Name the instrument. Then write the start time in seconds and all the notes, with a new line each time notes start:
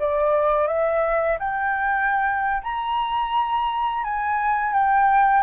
flute
0.00 D5
0.68 E5
1.40 G5
2.63 A#5
4.04 G#5
4.74 G5